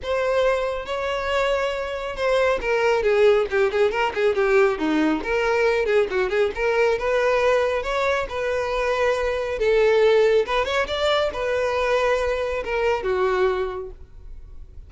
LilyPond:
\new Staff \with { instrumentName = "violin" } { \time 4/4 \tempo 4 = 138 c''2 cis''2~ | cis''4 c''4 ais'4 gis'4 | g'8 gis'8 ais'8 gis'8 g'4 dis'4 | ais'4. gis'8 fis'8 gis'8 ais'4 |
b'2 cis''4 b'4~ | b'2 a'2 | b'8 cis''8 d''4 b'2~ | b'4 ais'4 fis'2 | }